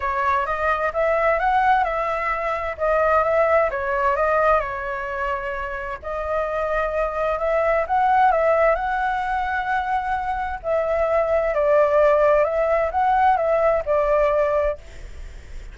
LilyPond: \new Staff \with { instrumentName = "flute" } { \time 4/4 \tempo 4 = 130 cis''4 dis''4 e''4 fis''4 | e''2 dis''4 e''4 | cis''4 dis''4 cis''2~ | cis''4 dis''2. |
e''4 fis''4 e''4 fis''4~ | fis''2. e''4~ | e''4 d''2 e''4 | fis''4 e''4 d''2 | }